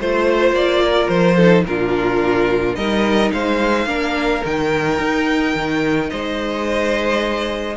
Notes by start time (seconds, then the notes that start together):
0.00 A3 F4 C5
0.52 A#3 D5
0.84 A#4
1.08 F3 C5
1.37 D#4 A4
1.66 A#2 D4 F4 A#4
2.76 G3 D#4 A#4 D#5
3.33 G#3 C5 F5
3.86 A#3 D4 A#4
4.44 D#3 D#4 G5
4.99 D#4
5.55 D#3
6.10 G#3 C5 D#5